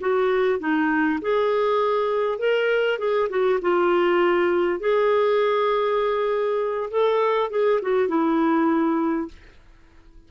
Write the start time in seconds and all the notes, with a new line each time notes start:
0.00 F#4
0.59 D#4
1.21 G#4
2.38 A#4
2.98 G#4
3.29 F#4
3.61 F4
4.79 G#4
6.91 A4
7.50 G#4
7.82 F#4
8.08 E4